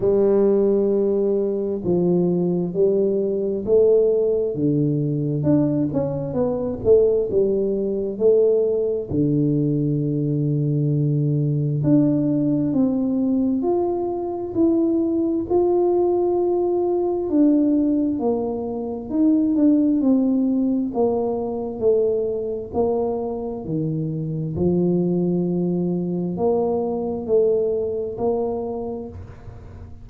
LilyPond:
\new Staff \with { instrumentName = "tuba" } { \time 4/4 \tempo 4 = 66 g2 f4 g4 | a4 d4 d'8 cis'8 b8 a8 | g4 a4 d2~ | d4 d'4 c'4 f'4 |
e'4 f'2 d'4 | ais4 dis'8 d'8 c'4 ais4 | a4 ais4 dis4 f4~ | f4 ais4 a4 ais4 | }